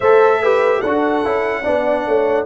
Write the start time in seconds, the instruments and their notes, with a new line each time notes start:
0.00 tuba A3, trombone A4, horn C5, trumpet E5
0.42 trombone G4, horn B4
0.79 tuba D4, horn A4, trumpet F#5
0.86 trombone F#4
1.24 tuba C#4, trombone E4
1.63 tuba B3, trombone D4, horn D5
2.05 tuba A3, horn C#5